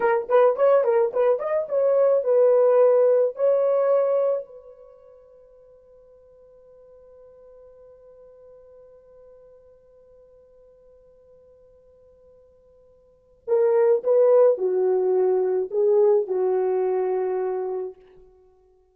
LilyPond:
\new Staff \with { instrumentName = "horn" } { \time 4/4 \tempo 4 = 107 ais'8 b'8 cis''8 ais'8 b'8 dis''8 cis''4 | b'2 cis''2 | b'1~ | b'1~ |
b'1~ | b'1 | ais'4 b'4 fis'2 | gis'4 fis'2. | }